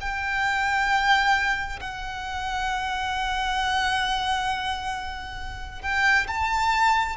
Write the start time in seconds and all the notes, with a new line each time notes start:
0.00 G5
1.80 F#5
5.82 G5
6.27 A5